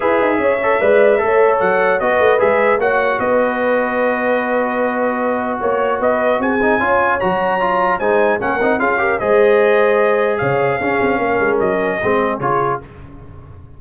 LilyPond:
<<
  \new Staff \with { instrumentName = "trumpet" } { \time 4/4 \tempo 4 = 150 e''1 | fis''4 dis''4 e''4 fis''4 | dis''1~ | dis''2 cis''4 dis''4 |
gis''2 ais''2 | gis''4 fis''4 f''4 dis''4~ | dis''2 f''2~ | f''4 dis''2 cis''4 | }
  \new Staff \with { instrumentName = "horn" } { \time 4/4 b'4 cis''4 d''4 cis''4~ | cis''4 b'2 cis''4 | b'1~ | b'2 cis''4 b'4 |
gis'4 cis''2. | c''4 ais'4 gis'8 ais'8 c''4~ | c''2 cis''4 gis'4 | ais'2 gis'2 | }
  \new Staff \with { instrumentName = "trombone" } { \time 4/4 gis'4. a'8 b'4 a'4~ | a'4 fis'4 gis'4 fis'4~ | fis'1~ | fis'1~ |
fis'8 dis'8 f'4 fis'4 f'4 | dis'4 cis'8 dis'8 f'8 g'8 gis'4~ | gis'2. cis'4~ | cis'2 c'4 f'4 | }
  \new Staff \with { instrumentName = "tuba" } { \time 4/4 e'8 dis'8 cis'4 gis4 a4 | fis4 b8 a8 gis4 ais4 | b1~ | b2 ais4 b4 |
c'4 cis'4 fis2 | gis4 ais8 c'8 cis'4 gis4~ | gis2 cis4 cis'8 c'8 | ais8 gis8 fis4 gis4 cis4 | }
>>